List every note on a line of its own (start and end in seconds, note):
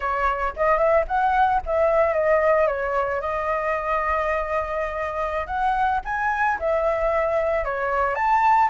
0.00 0.53 C#5
0.56 0.77 D#5
0.77 1.04 E5
1.07 1.61 F#5
1.65 2.13 E5
2.13 2.67 D#5
2.67 3.20 C#5
3.20 5.46 D#5
5.46 6.00 F#5
6.05 6.58 G#5
6.59 7.64 E5
7.64 8.15 C#5
8.15 8.69 A5